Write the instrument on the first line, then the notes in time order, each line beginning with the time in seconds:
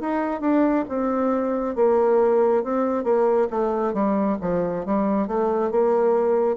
bassoon
0.00 D#4
0.40 D4
0.88 C4
1.75 A#3
2.64 C4
3.03 A#3
3.50 A3
3.93 G3
4.41 F3
4.85 G3
5.27 A3
5.71 A#3